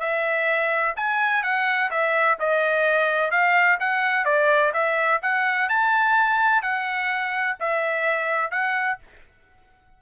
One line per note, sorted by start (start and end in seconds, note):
0.00 0.94 E5
0.96 1.43 G#5
1.43 1.90 F#5
1.91 2.38 E5
2.40 3.31 D#5
3.31 3.79 F5
3.80 4.25 F#5
4.25 4.73 D5
4.74 5.21 E5
5.22 5.69 F#5
5.69 6.63 A5
6.63 7.57 F#5
7.60 8.51 E5
8.51 8.99 F#5